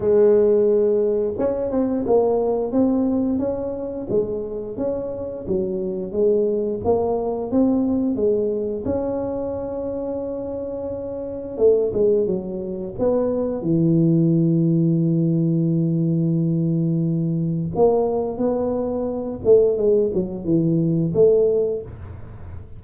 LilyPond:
\new Staff \with { instrumentName = "tuba" } { \time 4/4 \tempo 4 = 88 gis2 cis'8 c'8 ais4 | c'4 cis'4 gis4 cis'4 | fis4 gis4 ais4 c'4 | gis4 cis'2.~ |
cis'4 a8 gis8 fis4 b4 | e1~ | e2 ais4 b4~ | b8 a8 gis8 fis8 e4 a4 | }